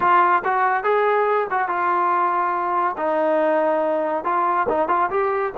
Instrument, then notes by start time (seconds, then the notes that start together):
trombone
0.00 F4
0.44 F#4
0.83 G#4
1.50 F#4
1.68 F4
2.97 D#4
4.24 F4
4.68 D#4
4.88 F4
5.10 G4